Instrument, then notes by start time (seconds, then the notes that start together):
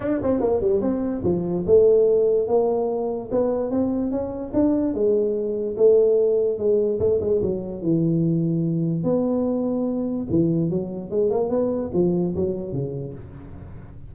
tuba
0.00 D4
0.22 C4
0.40 A#3
0.60 G3
0.81 C4
1.23 F3
1.66 A3
2.47 A#3
3.31 B3
3.70 C4
4.11 C#4
4.53 D4
4.94 G#3
5.76 A3
6.58 G#3
6.99 A3
7.20 G#3
7.41 F#3
7.82 E3
9.03 B3
10.30 E3
10.70 F#3
11.10 G#3
11.30 A#3
11.49 B3
11.93 F3
12.35 F#3
12.72 C#3